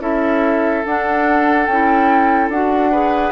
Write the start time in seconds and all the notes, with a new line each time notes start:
0.00 C#4 E4 A4 E5
0.86 D4 F#5
1.66 C#4 E4 G5
2.49 D4 F#4 F#5
2.91 G#4 B4